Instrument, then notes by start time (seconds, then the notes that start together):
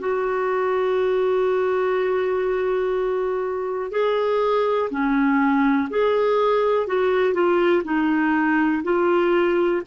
clarinet
0.00 F#4
3.92 G#4
4.90 C#4
5.90 G#4
6.88 F#4
7.34 F4
7.85 D#4
8.84 F4